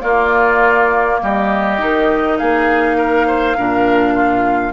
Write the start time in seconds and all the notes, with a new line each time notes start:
0.00 A#3 F4 D5
1.22 G3 G4 D#5
1.79 D#3 D#4
2.37 A#3 G#4 F5
2.98 A#4
3.27 C5
3.57 A#2 D4 A#4
4.14 F4